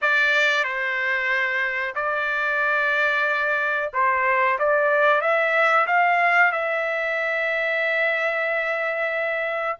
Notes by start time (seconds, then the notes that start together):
0.01 D5
0.63 C5
1.95 D5
3.93 C5
4.58 D5
5.21 E5
5.86 F5
6.52 E5